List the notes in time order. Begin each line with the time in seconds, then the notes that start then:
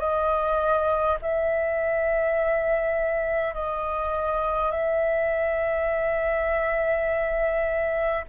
0.00 D#5
1.22 E5
3.55 D#5
4.72 E5